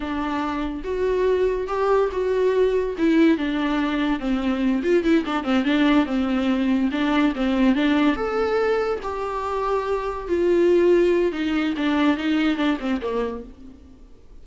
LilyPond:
\new Staff \with { instrumentName = "viola" } { \time 4/4 \tempo 4 = 143 d'2 fis'2 | g'4 fis'2 e'4 | d'2 c'4. f'8 | e'8 d'8 c'8 d'4 c'4.~ |
c'8 d'4 c'4 d'4 a'8~ | a'4. g'2~ g'8~ | g'8 f'2~ f'8 dis'4 | d'4 dis'4 d'8 c'8 ais4 | }